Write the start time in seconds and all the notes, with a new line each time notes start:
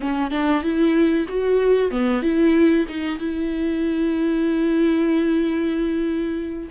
0.00 C#4
0.30 D4
0.62 E4
1.28 F#4
1.90 B3
2.22 E4
2.88 D#4
3.18 E4